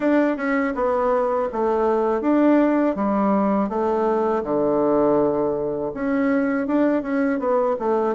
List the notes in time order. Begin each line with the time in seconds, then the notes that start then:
0.00 D4
0.36 C#4
0.74 B3
1.52 A3
2.21 D4
2.95 G3
3.69 A3
4.43 D3
5.94 C#4
6.67 D4
7.02 C#4
7.39 B3
7.79 A3